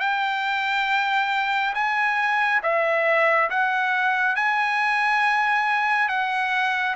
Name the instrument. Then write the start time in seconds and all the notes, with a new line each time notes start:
trumpet
0.00 G5
1.75 G#5
2.63 E5
3.51 F#5
4.36 G#5
6.09 F#5